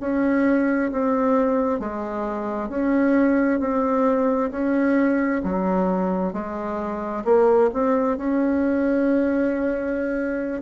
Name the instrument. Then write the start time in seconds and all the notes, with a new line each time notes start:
bassoon
0.00 C#4
0.92 C4
1.79 G#3
2.69 C#4
3.60 C4
4.50 C#4
5.43 F#3
6.33 G#3
7.24 A#3
7.73 C4
8.17 C#4